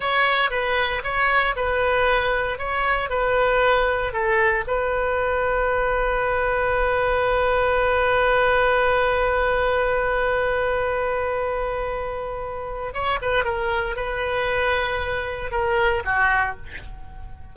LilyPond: \new Staff \with { instrumentName = "oboe" } { \time 4/4 \tempo 4 = 116 cis''4 b'4 cis''4 b'4~ | b'4 cis''4 b'2 | a'4 b'2.~ | b'1~ |
b'1~ | b'1~ | b'4 cis''8 b'8 ais'4 b'4~ | b'2 ais'4 fis'4 | }